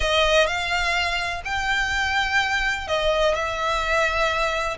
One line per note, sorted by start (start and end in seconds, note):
0.00 0.47 D#5
0.47 1.42 F5
1.44 2.87 G5
2.87 3.34 D#5
3.34 4.77 E5